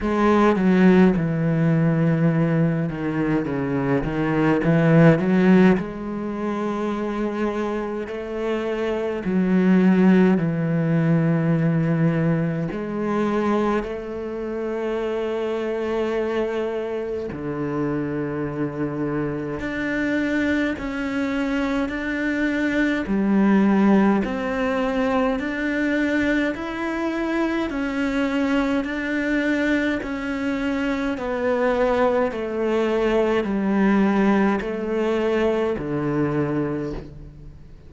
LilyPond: \new Staff \with { instrumentName = "cello" } { \time 4/4 \tempo 4 = 52 gis8 fis8 e4. dis8 cis8 dis8 | e8 fis8 gis2 a4 | fis4 e2 gis4 | a2. d4~ |
d4 d'4 cis'4 d'4 | g4 c'4 d'4 e'4 | cis'4 d'4 cis'4 b4 | a4 g4 a4 d4 | }